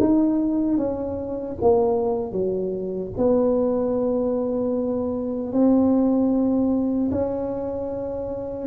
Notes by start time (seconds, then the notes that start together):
0.00 D#4
0.78 C#4
1.61 A#3
2.32 F#3
3.17 B3
5.53 C4
7.12 C#4